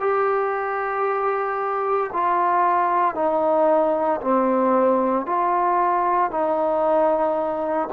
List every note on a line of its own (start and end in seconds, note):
0.00 2.11 G4
2.13 3.15 F4
3.15 4.20 D#4
4.21 5.26 C4
5.26 6.31 F4
6.31 7.89 D#4